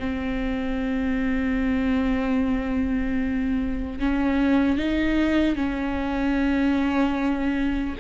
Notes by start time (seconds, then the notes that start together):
0.00 C4
4.00 C#4
4.78 D#4
5.56 C#4